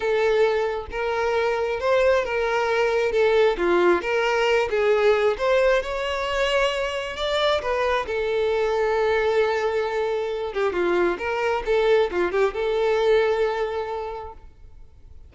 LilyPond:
\new Staff \with { instrumentName = "violin" } { \time 4/4 \tempo 4 = 134 a'2 ais'2 | c''4 ais'2 a'4 | f'4 ais'4. gis'4. | c''4 cis''2. |
d''4 b'4 a'2~ | a'2.~ a'8 g'8 | f'4 ais'4 a'4 f'8 g'8 | a'1 | }